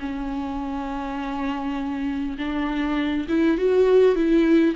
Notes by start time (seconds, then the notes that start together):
0.00 C#4
2.38 D4
3.29 E4
3.58 F#4
4.16 E4